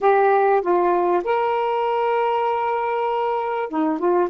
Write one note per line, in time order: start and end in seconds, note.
0.00 0.61 G4
0.61 1.22 F4
1.24 3.69 A#4
3.69 3.98 D#4
3.98 4.29 F4